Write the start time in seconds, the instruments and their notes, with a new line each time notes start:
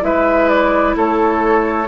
0.00 bassoon G#3, clarinet E4, oboe B4, flute E5
0.48 flute D5
0.96 bassoon A3, oboe A4, flute C#5